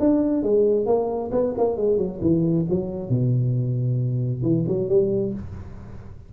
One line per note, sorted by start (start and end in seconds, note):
0.00 0.43 D4
0.43 0.86 G#3
0.86 1.31 A#3
1.32 1.54 B3
1.58 1.77 A#3
1.77 1.98 G#3
1.98 2.20 F#3
2.22 2.66 E3
2.70 3.09 F#3
3.09 4.43 B2
4.43 4.65 E3
4.68 4.89 F#3
4.89 5.34 G3